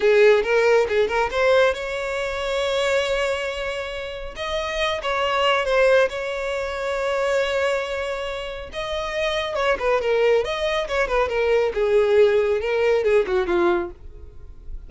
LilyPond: \new Staff \with { instrumentName = "violin" } { \time 4/4 \tempo 4 = 138 gis'4 ais'4 gis'8 ais'8 c''4 | cis''1~ | cis''2 dis''4. cis''8~ | cis''4 c''4 cis''2~ |
cis''1 | dis''2 cis''8 b'8 ais'4 | dis''4 cis''8 b'8 ais'4 gis'4~ | gis'4 ais'4 gis'8 fis'8 f'4 | }